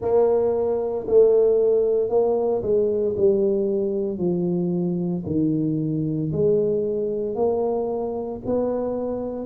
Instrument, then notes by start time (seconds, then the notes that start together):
tuba
0.01 A#3
1.07 A3
2.09 A#3
2.62 G#3
3.16 G3
4.18 F3
5.26 D#3
6.32 G#3
7.35 A#3
8.45 B3